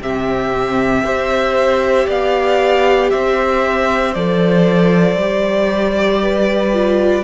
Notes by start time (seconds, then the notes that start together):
0.00 C3 C4 G4 E5
1.03 C4 G4 C5
2.08 B3 D5 F5
3.11 C4 C5 E5
4.14 F3 A4 D5
5.16 G3 G4
6.22 B4
6.74 F4